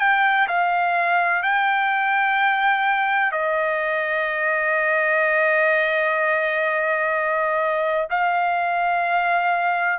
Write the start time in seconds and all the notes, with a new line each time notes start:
0.00 G5
0.48 F5
1.43 G5
3.32 D#5
8.10 F5